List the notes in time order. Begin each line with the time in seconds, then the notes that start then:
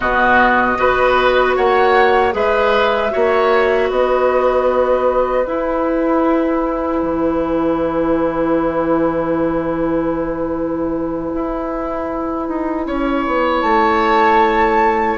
0.00 B2 B3 F#4 D#5
0.76 B3 F#4 B4
1.56 A#3 C#5 F#5
2.31 G#3 G#4 B4 E5
3.10 A#3 F#4 C#5
3.89 B3 B4 D#5
5.44 E4 G#5
7.02 E3
11.34 E4
12.48 D#4
12.86 C#4 C#5
13.26 B3
13.61 A3 A5